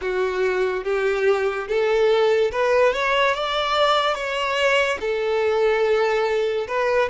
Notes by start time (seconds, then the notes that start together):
0.01 F#4
0.84 G4
1.67 A4
2.52 B4
2.93 C#5
3.34 D5
4.14 C#5
5.00 A4
6.67 B4